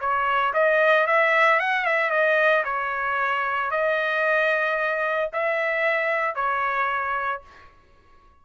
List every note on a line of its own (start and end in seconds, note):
0.00 0.53 C#5
0.54 1.07 D#5
1.07 1.60 E5
1.60 1.85 F#5
1.85 2.10 E5
2.10 2.64 D#5
2.65 3.71 C#5
3.71 5.30 D#5
5.33 6.35 E5
6.35 7.41 C#5